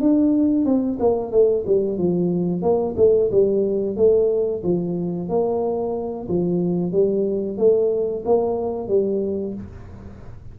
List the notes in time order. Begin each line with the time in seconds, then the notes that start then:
0.00 D4
0.65 C4
1.00 A#3
1.31 A3
1.66 G3
1.98 F3
2.62 A#3
2.97 A3
3.31 G3
3.96 A3
4.63 F3
5.29 A#3
6.28 F3
6.92 G3
7.58 A3
8.25 A#3
8.88 G3